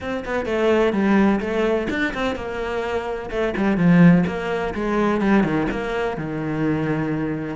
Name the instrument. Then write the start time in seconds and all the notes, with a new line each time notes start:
cello
0.00 C4
0.25 B3
0.45 A3
0.92 G3
1.40 A3
1.90 D4
2.13 C4
2.35 A#3
3.30 A3
3.56 G3
3.77 F3
4.26 A#3
4.74 G#3
5.21 G3
5.43 D#3
5.71 A#3
6.17 D#3